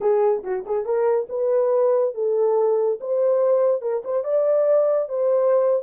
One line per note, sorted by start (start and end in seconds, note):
0.00 0.43 G#4
0.43 0.64 F#4
0.66 0.85 G#4
0.85 1.27 A#4
1.29 2.14 B4
2.14 2.99 A4
3.00 3.81 C5
3.81 4.02 A#4
4.04 4.24 C5
4.24 5.08 D5
5.08 5.83 C5